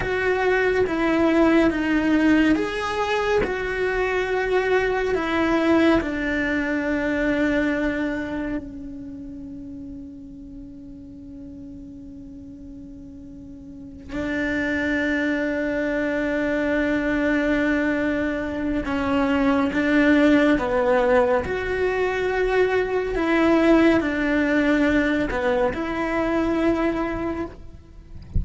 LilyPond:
\new Staff \with { instrumentName = "cello" } { \time 4/4 \tempo 4 = 70 fis'4 e'4 dis'4 gis'4 | fis'2 e'4 d'4~ | d'2 cis'2~ | cis'1~ |
cis'8 d'2.~ d'8~ | d'2 cis'4 d'4 | b4 fis'2 e'4 | d'4. b8 e'2 | }